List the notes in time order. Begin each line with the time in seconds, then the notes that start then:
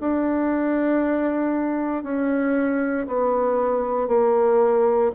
0.00 D4
2.03 C#4
3.07 B3
4.08 A#3